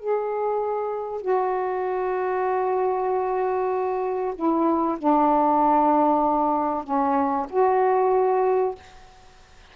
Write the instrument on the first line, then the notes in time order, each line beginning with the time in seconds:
saxophone
0.00 G#4
1.22 F#4
4.36 E4
4.99 D4
6.84 C#4
7.50 F#4